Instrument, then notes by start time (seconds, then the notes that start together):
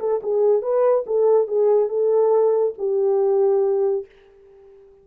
horn
0.00 A4
0.23 G#4
0.62 B4
1.07 A4
1.48 G#4
1.89 A4
2.79 G4